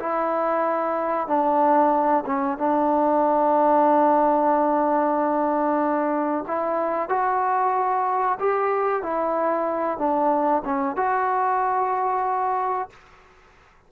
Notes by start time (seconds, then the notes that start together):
0.00 E4
1.28 D4
2.26 C#4
2.58 D4
6.48 E4
7.09 F#4
8.39 G4
9.03 E4
9.98 D4
10.65 C#4
10.96 F#4